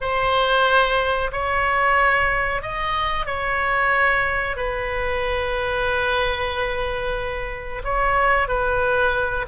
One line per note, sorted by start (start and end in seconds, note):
0.01 1.31 C5
1.32 2.61 C#5
2.61 3.25 D#5
3.25 4.56 C#5
4.56 7.82 B4
7.83 8.48 C#5
8.48 9.45 B4